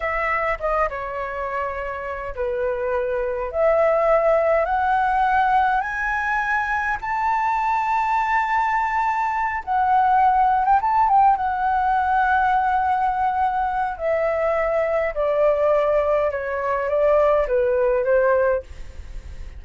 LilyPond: \new Staff \with { instrumentName = "flute" } { \time 4/4 \tempo 4 = 103 e''4 dis''8 cis''2~ cis''8 | b'2 e''2 | fis''2 gis''2 | a''1~ |
a''8 fis''4.~ fis''16 g''16 a''8 g''8 fis''8~ | fis''1 | e''2 d''2 | cis''4 d''4 b'4 c''4 | }